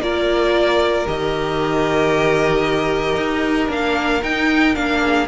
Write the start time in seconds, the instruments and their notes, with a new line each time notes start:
0.00 cello A#3, viola F4, violin A#4 D5
1.05 cello D#3, viola G4, violin D#5
3.16 cello D#4
3.68 cello A#3, viola D4, violin F5
4.22 viola D#4, cello D#4, violin G5
4.74 cello A#3, viola D4, violin F5
5.00 violin G#4